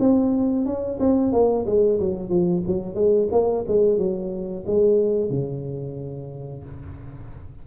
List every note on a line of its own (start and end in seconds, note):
0.00 0.66 C4
0.66 0.99 C#4
1.00 1.33 C4
1.33 1.66 A#3
1.66 1.99 G#3
2.00 2.30 F#3
2.30 2.63 F3
2.68 2.95 F#3
2.95 3.28 G#3
3.32 3.65 A#3
3.68 3.98 G#3
3.98 4.65 F#3
4.67 5.31 G#3
5.31 6.64 C#3